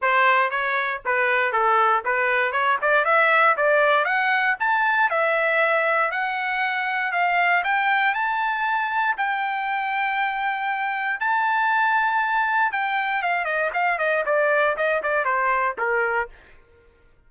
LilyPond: \new Staff \with { instrumentName = "trumpet" } { \time 4/4 \tempo 4 = 118 c''4 cis''4 b'4 a'4 | b'4 cis''8 d''8 e''4 d''4 | fis''4 a''4 e''2 | fis''2 f''4 g''4 |
a''2 g''2~ | g''2 a''2~ | a''4 g''4 f''8 dis''8 f''8 dis''8 | d''4 dis''8 d''8 c''4 ais'4 | }